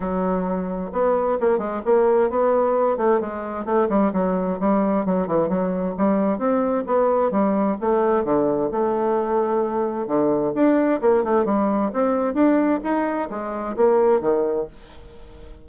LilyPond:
\new Staff \with { instrumentName = "bassoon" } { \time 4/4 \tempo 4 = 131 fis2 b4 ais8 gis8 | ais4 b4. a8 gis4 | a8 g8 fis4 g4 fis8 e8 | fis4 g4 c'4 b4 |
g4 a4 d4 a4~ | a2 d4 d'4 | ais8 a8 g4 c'4 d'4 | dis'4 gis4 ais4 dis4 | }